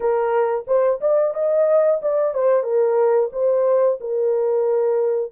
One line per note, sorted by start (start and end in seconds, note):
0.00 0.65 A#4
0.67 1.00 C5
1.00 1.34 D5
1.34 2.00 D#5
2.02 2.34 D5
2.34 2.63 C5
2.63 3.29 A#4
3.32 3.98 C5
4.00 5.31 A#4